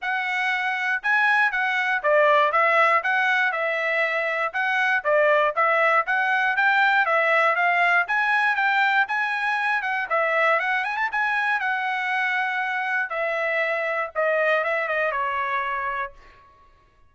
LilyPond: \new Staff \with { instrumentName = "trumpet" } { \time 4/4 \tempo 4 = 119 fis''2 gis''4 fis''4 | d''4 e''4 fis''4 e''4~ | e''4 fis''4 d''4 e''4 | fis''4 g''4 e''4 f''4 |
gis''4 g''4 gis''4. fis''8 | e''4 fis''8 gis''16 a''16 gis''4 fis''4~ | fis''2 e''2 | dis''4 e''8 dis''8 cis''2 | }